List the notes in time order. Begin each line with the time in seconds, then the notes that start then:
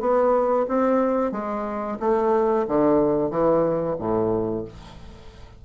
0.00 B3
0.68 C4
1.32 G#3
2.00 A3
2.68 D3
3.30 E3
3.98 A2